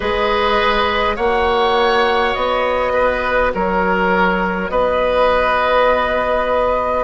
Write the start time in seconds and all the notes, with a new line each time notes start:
0.00 G#3 G#4 B4 D#5
1.15 A#3 F#4 C#5 F#5
2.34 B3 D#5
2.93 B4
3.54 F#3 A#4 C#5
4.69 B3 B4 D#5